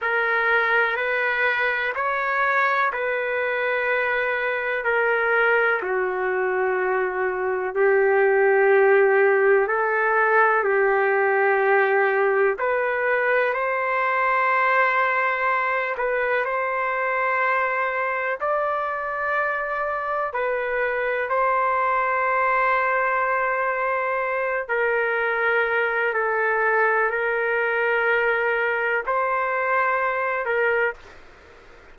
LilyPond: \new Staff \with { instrumentName = "trumpet" } { \time 4/4 \tempo 4 = 62 ais'4 b'4 cis''4 b'4~ | b'4 ais'4 fis'2 | g'2 a'4 g'4~ | g'4 b'4 c''2~ |
c''8 b'8 c''2 d''4~ | d''4 b'4 c''2~ | c''4. ais'4. a'4 | ais'2 c''4. ais'8 | }